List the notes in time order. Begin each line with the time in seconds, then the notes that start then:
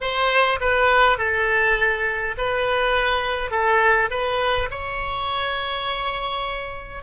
0.00 C5
0.60 B4
1.18 A4
2.37 B4
3.50 A4
4.10 B4
4.71 C#5